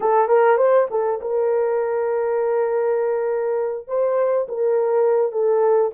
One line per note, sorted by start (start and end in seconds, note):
0.00 0.28 A4
0.28 0.57 A#4
0.57 0.87 C5
0.90 1.20 A4
1.21 3.87 A#4
3.87 4.47 C5
4.48 5.31 A#4
5.31 5.91 A4